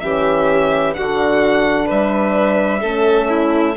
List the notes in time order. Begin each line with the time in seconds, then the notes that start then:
0.00 E3 C#4 G4 E5
0.94 D3 D4 F#4 F#5
1.86 G3 B4 E5
2.81 A3 C#4 A4
3.29 E4